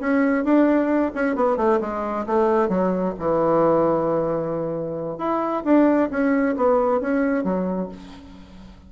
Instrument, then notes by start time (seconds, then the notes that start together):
bassoon
0.00 C#4
0.44 D4
1.15 C#4
1.36 B3
1.57 A3
1.81 G#3
2.26 A3
2.69 F#3
3.18 E3
5.18 E4
5.64 D4
6.10 C#4
6.56 B3
7.01 C#4
7.44 F#3